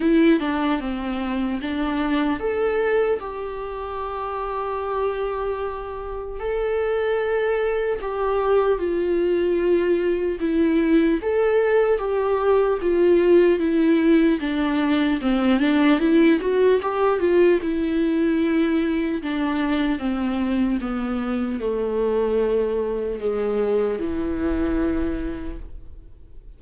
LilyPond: \new Staff \with { instrumentName = "viola" } { \time 4/4 \tempo 4 = 75 e'8 d'8 c'4 d'4 a'4 | g'1 | a'2 g'4 f'4~ | f'4 e'4 a'4 g'4 |
f'4 e'4 d'4 c'8 d'8 | e'8 fis'8 g'8 f'8 e'2 | d'4 c'4 b4 a4~ | a4 gis4 e2 | }